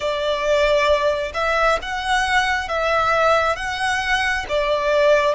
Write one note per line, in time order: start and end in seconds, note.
0.00 1.32 D5
1.34 1.78 E5
1.82 2.68 F#5
2.68 3.56 E5
3.56 4.45 F#5
4.49 5.34 D5